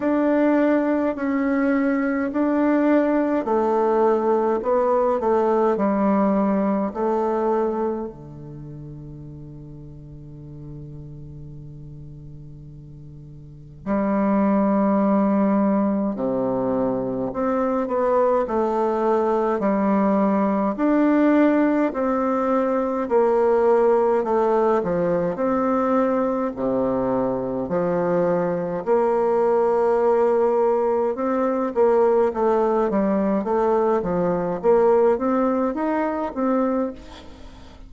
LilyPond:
\new Staff \with { instrumentName = "bassoon" } { \time 4/4 \tempo 4 = 52 d'4 cis'4 d'4 a4 | b8 a8 g4 a4 d4~ | d1 | g2 c4 c'8 b8 |
a4 g4 d'4 c'4 | ais4 a8 f8 c'4 c4 | f4 ais2 c'8 ais8 | a8 g8 a8 f8 ais8 c'8 dis'8 c'8 | }